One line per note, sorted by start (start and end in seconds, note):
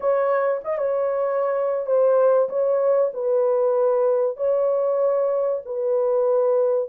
0.00 0.61 C#5
0.64 0.78 D#5
0.78 1.86 C#5
1.86 2.48 C5
2.49 3.11 C#5
3.13 4.36 B4
4.36 5.61 C#5
5.65 6.89 B4